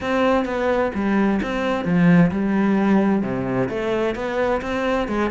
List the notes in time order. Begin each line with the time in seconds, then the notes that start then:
0.00 C4
0.45 B3
0.94 G3
1.42 C4
1.84 F3
2.31 G3
3.22 C3
3.69 A3
4.15 B3
4.61 C4
5.07 G#3